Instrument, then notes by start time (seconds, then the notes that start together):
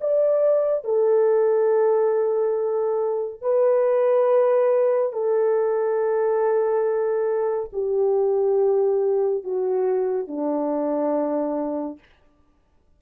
horn
0.00 D5
0.84 A4
3.41 B4
5.12 A4
7.72 G4
9.43 F#4
10.27 D4